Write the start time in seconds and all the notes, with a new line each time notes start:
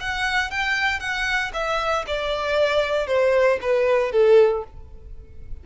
0.00 F#5
0.51 G5
1.00 F#5
1.53 E5
2.07 D5
3.07 C5
3.61 B4
4.12 A4